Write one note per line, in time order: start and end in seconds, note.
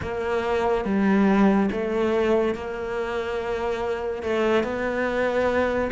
0.02 0.85 A#3
0.85 1.69 G3
1.71 2.54 A3
2.54 4.23 A#3
4.23 4.63 A3
4.63 5.90 B3